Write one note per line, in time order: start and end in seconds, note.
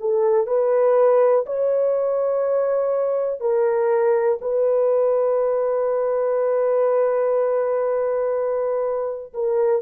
0.00 0.47 A4
0.47 1.45 B4
1.46 3.40 C#5
3.40 4.39 A#4
4.41 9.33 B4
9.34 9.82 A#4